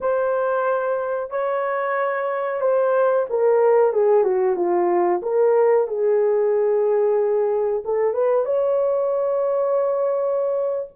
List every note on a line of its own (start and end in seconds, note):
0.00 1.30 C5
1.30 2.60 C#5
2.60 3.25 C5
3.29 3.92 A#4
3.92 4.23 G#4
4.23 4.55 F#4
4.55 5.21 F4
5.22 5.87 A#4
5.87 7.83 G#4
7.84 8.13 A4
8.13 8.45 B4
8.45 10.89 C#5